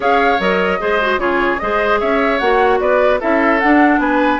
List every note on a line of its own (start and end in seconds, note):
0.00 0.38 C#4
0.00 0.38 G#4
0.00 0.80 C#5
0.00 0.40 F5
0.39 0.79 F#3
0.39 0.79 A#4
0.39 1.19 D#5
0.79 1.17 G#3
0.79 0.99 G#4
0.79 1.20 C5
1.01 1.18 F#4
1.17 1.57 C#3
1.17 1.58 F4
1.17 1.60 G#4
1.17 1.59 C#5
1.59 2.01 G#3
1.59 2.40 G#4
1.59 2.00 C5
1.59 1.99 D#5
1.99 2.40 C#4
1.99 2.80 C#5
1.99 2.39 E5
2.39 2.80 A#3
2.39 3.19 F#4
2.39 2.79 F#5
2.79 3.20 B3
2.79 3.20 B4
2.79 3.19 D5
3.19 3.63 C#4
3.19 3.59 E4
3.19 4.00 A4
3.19 3.59 E5
3.59 4.40 D4
3.59 3.98 D4
3.59 3.99 F#5
3.98 4.38 B3
3.98 4.40 B4
3.98 4.40 G#5